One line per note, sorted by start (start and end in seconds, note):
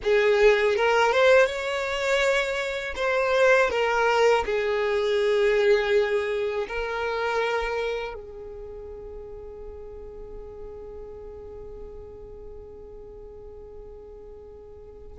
0.03 0.76 G#4
0.76 1.12 A#4
1.12 1.46 C5
1.46 2.94 C#5
2.95 3.69 C5
3.70 4.44 A#4
4.45 6.67 G#4
6.68 8.14 A#4
8.14 15.18 G#4